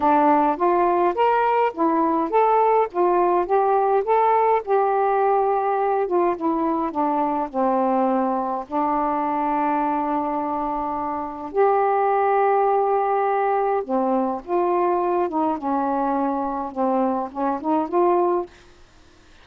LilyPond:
\new Staff \with { instrumentName = "saxophone" } { \time 4/4 \tempo 4 = 104 d'4 f'4 ais'4 e'4 | a'4 f'4 g'4 a'4 | g'2~ g'8 f'8 e'4 | d'4 c'2 d'4~ |
d'1 | g'1 | c'4 f'4. dis'8 cis'4~ | cis'4 c'4 cis'8 dis'8 f'4 | }